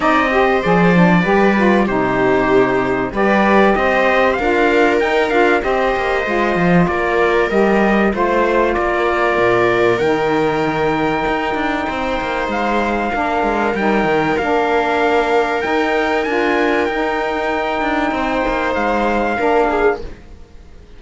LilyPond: <<
  \new Staff \with { instrumentName = "trumpet" } { \time 4/4 \tempo 4 = 96 dis''4 d''2 c''4~ | c''4 d''4 dis''4 f''4 | g''8 f''8 dis''2 d''4 | dis''4 c''4 d''2 |
g''1 | f''2 g''4 f''4~ | f''4 g''4 gis''4 g''4~ | g''2 f''2 | }
  \new Staff \with { instrumentName = "viola" } { \time 4/4 d''8 c''4. b'4 g'4~ | g'4 b'4 c''4 ais'4~ | ais'4 c''2 ais'4~ | ais'4 c''4 ais'2~ |
ais'2. c''4~ | c''4 ais'2.~ | ais'1~ | ais'4 c''2 ais'8 gis'8 | }
  \new Staff \with { instrumentName = "saxophone" } { \time 4/4 dis'8 g'8 gis'8 d'8 g'8 f'8 dis'4~ | dis'4 g'2 f'4 | dis'8 f'8 g'4 f'2 | g'4 f'2. |
dis'1~ | dis'4 d'4 dis'4 d'4~ | d'4 dis'4 f'4 dis'4~ | dis'2. d'4 | }
  \new Staff \with { instrumentName = "cello" } { \time 4/4 c'4 f4 g4 c4~ | c4 g4 c'4 d'4 | dis'8 d'8 c'8 ais8 gis8 f8 ais4 | g4 a4 ais4 ais,4 |
dis2 dis'8 d'8 c'8 ais8 | gis4 ais8 gis8 g8 dis8 ais4~ | ais4 dis'4 d'4 dis'4~ | dis'8 d'8 c'8 ais8 gis4 ais4 | }
>>